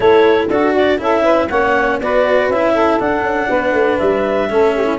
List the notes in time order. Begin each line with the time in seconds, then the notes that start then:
0.00 A3 E4 A4 C#5
0.48 D4 F#4 A4
0.75 D5
0.98 C#4 E4 A4 E5
1.23 B4
1.49 A#3 C#4 C#5 F#5
2.00 B3 F#4 B4 D5
2.48 C#4 E4 E5
2.73 A4
2.99 D4 F#5
3.22 C#4
3.49 B3 B4
3.72 A3
3.98 G3 E5
4.49 A3 C#4 A4
4.76 G4
4.84 E4